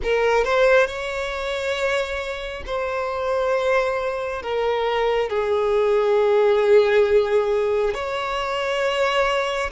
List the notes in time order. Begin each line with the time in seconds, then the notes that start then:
0.02 A#4
0.44 C5
0.86 C#5
2.66 C5
4.42 A#4
5.29 G#4
7.94 C#5